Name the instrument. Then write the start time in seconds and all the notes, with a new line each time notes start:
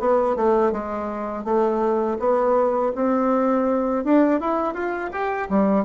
bassoon
0.00 B3
0.36 A3
0.72 G#3
1.45 A3
2.19 B3
2.95 C4
4.04 D4
4.41 E4
4.74 F4
5.12 G4
5.50 G3